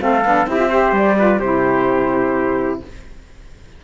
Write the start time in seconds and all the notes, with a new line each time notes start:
0.00 A3 C4 A4 F5
0.25 B3 D4
0.47 C4 E4 G4 E5
0.57 F4
0.69 G4 C5
0.92 G3 D5
1.18 F4 B4
1.40 C3 E4 G4 C5